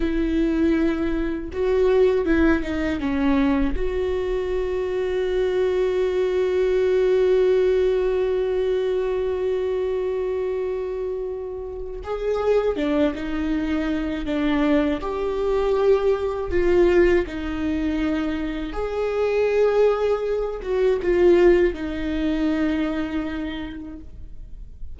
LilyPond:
\new Staff \with { instrumentName = "viola" } { \time 4/4 \tempo 4 = 80 e'2 fis'4 e'8 dis'8 | cis'4 fis'2.~ | fis'1~ | fis'1 |
gis'4 d'8 dis'4. d'4 | g'2 f'4 dis'4~ | dis'4 gis'2~ gis'8 fis'8 | f'4 dis'2. | }